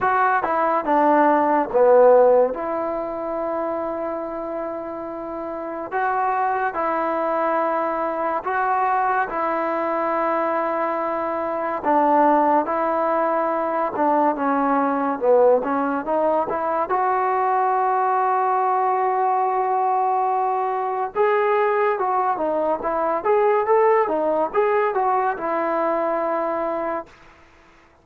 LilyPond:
\new Staff \with { instrumentName = "trombone" } { \time 4/4 \tempo 4 = 71 fis'8 e'8 d'4 b4 e'4~ | e'2. fis'4 | e'2 fis'4 e'4~ | e'2 d'4 e'4~ |
e'8 d'8 cis'4 b8 cis'8 dis'8 e'8 | fis'1~ | fis'4 gis'4 fis'8 dis'8 e'8 gis'8 | a'8 dis'8 gis'8 fis'8 e'2 | }